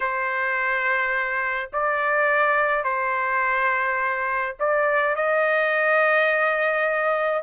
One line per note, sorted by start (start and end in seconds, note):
0.00 1.69 C5
1.72 2.84 D5
2.84 4.55 C5
4.59 5.15 D5
5.15 7.42 D#5